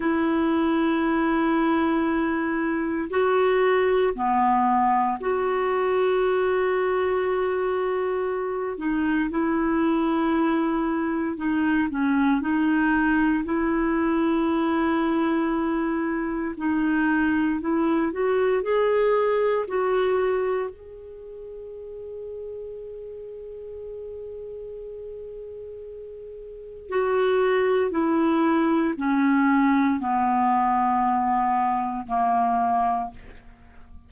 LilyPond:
\new Staff \with { instrumentName = "clarinet" } { \time 4/4 \tempo 4 = 58 e'2. fis'4 | b4 fis'2.~ | fis'8 dis'8 e'2 dis'8 cis'8 | dis'4 e'2. |
dis'4 e'8 fis'8 gis'4 fis'4 | gis'1~ | gis'2 fis'4 e'4 | cis'4 b2 ais4 | }